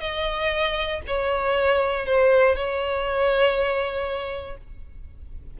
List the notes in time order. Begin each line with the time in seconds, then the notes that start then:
0.00 D#5
1.07 C#5
2.05 C5
2.55 C#5